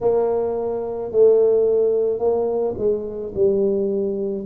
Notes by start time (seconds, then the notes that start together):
0.01 A#3
1.11 A3
2.19 A#3
2.77 G#3
3.34 G3